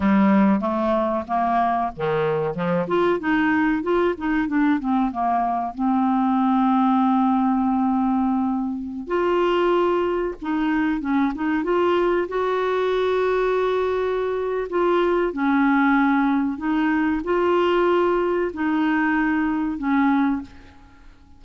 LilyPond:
\new Staff \with { instrumentName = "clarinet" } { \time 4/4 \tempo 4 = 94 g4 a4 ais4 dis4 | f8 f'8 dis'4 f'8 dis'8 d'8 c'8 | ais4 c'2.~ | c'2~ c'16 f'4.~ f'16~ |
f'16 dis'4 cis'8 dis'8 f'4 fis'8.~ | fis'2. f'4 | cis'2 dis'4 f'4~ | f'4 dis'2 cis'4 | }